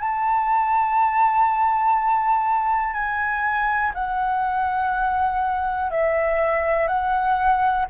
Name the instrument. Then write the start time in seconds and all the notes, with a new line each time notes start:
flute
0.00 A5
2.94 G#5
3.95 F#5
5.91 E5
6.88 F#5